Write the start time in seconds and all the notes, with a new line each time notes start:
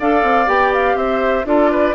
0.00 D4 A4 D5 F5
0.24 C4
0.47 B3 G4 G5
0.74 F5
0.95 C4 C5 E5
1.45 D4 F4 A4 D5
1.71 B4